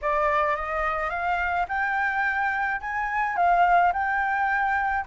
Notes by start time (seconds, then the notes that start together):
0.01 D5
0.56 D#5
1.09 F5
1.68 G5
2.80 G#5
3.36 F5
3.93 G5